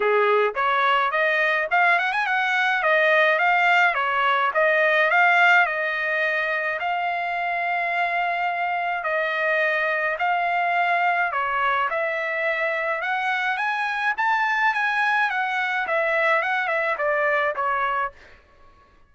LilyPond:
\new Staff \with { instrumentName = "trumpet" } { \time 4/4 \tempo 4 = 106 gis'4 cis''4 dis''4 f''8 fis''16 gis''16 | fis''4 dis''4 f''4 cis''4 | dis''4 f''4 dis''2 | f''1 |
dis''2 f''2 | cis''4 e''2 fis''4 | gis''4 a''4 gis''4 fis''4 | e''4 fis''8 e''8 d''4 cis''4 | }